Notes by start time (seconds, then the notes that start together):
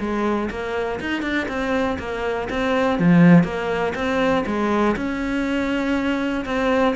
0.00 G#3
0.50 A#3
1.00 D#4
1.22 D4
1.48 C4
1.99 A#3
2.50 C4
2.99 F3
3.44 A#3
3.95 C4
4.46 G#3
4.96 C#4
6.46 C4